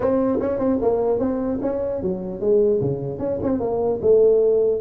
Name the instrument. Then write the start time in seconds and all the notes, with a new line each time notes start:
tuba
0.00 C4
0.40 C#4
0.59 C4
0.81 A#3
1.19 C4
1.62 C#4
2.02 F#3
2.40 G#3
2.80 C#3
3.19 C#4
3.42 C4
3.60 A#3
4.01 A3